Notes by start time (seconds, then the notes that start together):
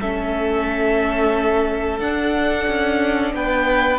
0.00 A3 C#4 A4 E5
1.99 D4 F#5
2.67 C#4
3.33 B3 B4 G5